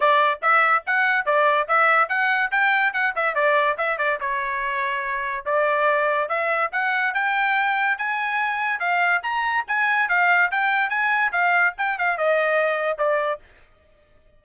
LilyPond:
\new Staff \with { instrumentName = "trumpet" } { \time 4/4 \tempo 4 = 143 d''4 e''4 fis''4 d''4 | e''4 fis''4 g''4 fis''8 e''8 | d''4 e''8 d''8 cis''2~ | cis''4 d''2 e''4 |
fis''4 g''2 gis''4~ | gis''4 f''4 ais''4 gis''4 | f''4 g''4 gis''4 f''4 | g''8 f''8 dis''2 d''4 | }